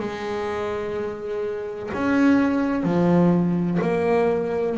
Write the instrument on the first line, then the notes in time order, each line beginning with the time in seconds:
double bass
0.00 G#3
1.94 C#4
2.84 F3
3.82 A#3